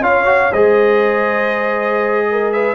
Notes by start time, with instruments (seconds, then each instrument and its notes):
0.00 tuba C#4, trombone F4, horn C#5, trumpet F5
0.25 trombone F#4
0.52 tuba G#3, trombone G#4, horn C5, trumpet D#5
2.31 horn A#4
2.52 horn B4, trumpet E5